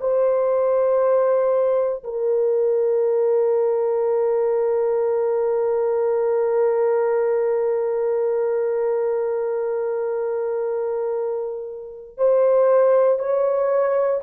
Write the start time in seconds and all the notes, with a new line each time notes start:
0.00 C5
2.03 A#4
12.17 C5
13.19 C#5